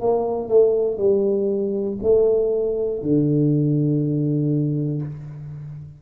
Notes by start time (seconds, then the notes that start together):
0.00 A#3
0.48 A3
0.97 G3
2.02 A3
3.02 D3